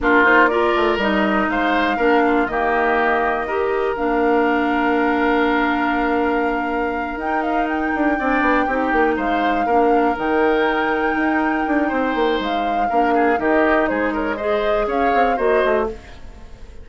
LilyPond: <<
  \new Staff \with { instrumentName = "flute" } { \time 4/4 \tempo 4 = 121 ais'8 c''8 d''4 dis''4 f''4~ | f''4 dis''2. | f''1~ | f''2~ f''8 g''8 f''8 g''8~ |
g''2~ g''8 f''4.~ | f''8 g''2.~ g''8~ | g''4 f''2 dis''4 | c''8 cis''8 dis''4 f''4 dis''4 | }
  \new Staff \with { instrumentName = "oboe" } { \time 4/4 f'4 ais'2 c''4 | ais'8 f'8 g'2 ais'4~ | ais'1~ | ais'1~ |
ais'8 d''4 g'4 c''4 ais'8~ | ais'1 | c''2 ais'8 gis'8 g'4 | gis'8 ais'8 c''4 cis''4 c''4 | }
  \new Staff \with { instrumentName = "clarinet" } { \time 4/4 d'8 dis'8 f'4 dis'2 | d'4 ais2 g'4 | d'1~ | d'2~ d'8 dis'4.~ |
dis'8 d'4 dis'2 d'8~ | d'8 dis'2.~ dis'8~ | dis'2 d'4 dis'4~ | dis'4 gis'2 fis'4 | }
  \new Staff \with { instrumentName = "bassoon" } { \time 4/4 ais4. a8 g4 gis4 | ais4 dis2. | ais1~ | ais2~ ais8 dis'4. |
d'8 c'8 b8 c'8 ais8 gis4 ais8~ | ais8 dis2 dis'4 d'8 | c'8 ais8 gis4 ais4 dis4 | gis2 cis'8 c'8 ais8 a8 | }
>>